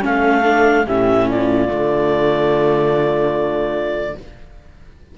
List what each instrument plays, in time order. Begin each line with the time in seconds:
0.00 cello A3, viola C#4, horn A4, clarinet F5
0.43 viola D4
0.86 cello A2, viola C#4, horn G4, clarinet E5
1.26 horn F4, clarinet D5
1.67 cello D3, viola A3